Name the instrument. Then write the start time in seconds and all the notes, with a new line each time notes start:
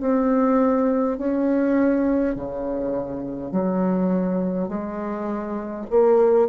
bassoon
0.00 C4
1.18 C#4
2.35 C#3
3.51 F#3
4.68 G#3
5.90 A#3